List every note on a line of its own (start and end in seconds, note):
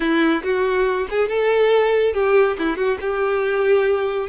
0.00 0.42 E4
0.43 1.07 F#4
1.10 1.28 G#4
1.28 2.13 A4
2.13 2.56 G4
2.58 2.76 E4
2.76 2.98 F#4
3.00 4.29 G4